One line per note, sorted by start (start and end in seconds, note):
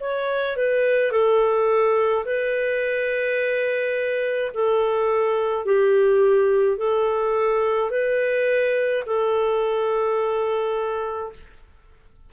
0.00 0.57 C#5
0.57 1.12 B4
1.12 2.25 A4
2.25 4.52 B4
4.54 5.65 A4
5.65 6.78 G4
6.78 7.90 A4
7.90 9.04 B4
9.06 11.32 A4